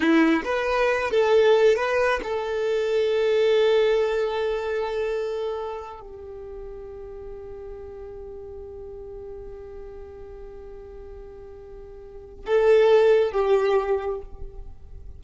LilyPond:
\new Staff \with { instrumentName = "violin" } { \time 4/4 \tempo 4 = 135 e'4 b'4. a'4. | b'4 a'2.~ | a'1~ | a'4. g'2~ g'8~ |
g'1~ | g'1~ | g'1 | a'2 g'2 | }